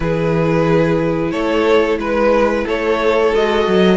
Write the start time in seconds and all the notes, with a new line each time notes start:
0.00 E3 E4 G#4 B4
1.31 A3 A4 C#5
1.98 G#3 B4
2.65 A3 A4 C#5
3.32 G#3 F#4 D#5
3.67 F#3